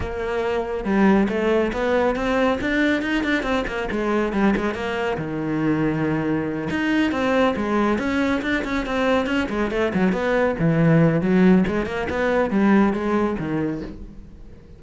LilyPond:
\new Staff \with { instrumentName = "cello" } { \time 4/4 \tempo 4 = 139 ais2 g4 a4 | b4 c'4 d'4 dis'8 d'8 | c'8 ais8 gis4 g8 gis8 ais4 | dis2.~ dis8 dis'8~ |
dis'8 c'4 gis4 cis'4 d'8 | cis'8 c'4 cis'8 gis8 a8 fis8 b8~ | b8 e4. fis4 gis8 ais8 | b4 g4 gis4 dis4 | }